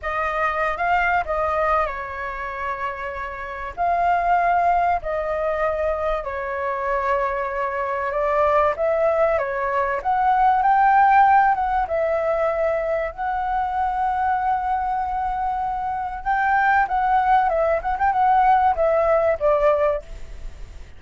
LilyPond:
\new Staff \with { instrumentName = "flute" } { \time 4/4 \tempo 4 = 96 dis''4~ dis''16 f''8. dis''4 cis''4~ | cis''2 f''2 | dis''2 cis''2~ | cis''4 d''4 e''4 cis''4 |
fis''4 g''4. fis''8 e''4~ | e''4 fis''2.~ | fis''2 g''4 fis''4 | e''8 fis''16 g''16 fis''4 e''4 d''4 | }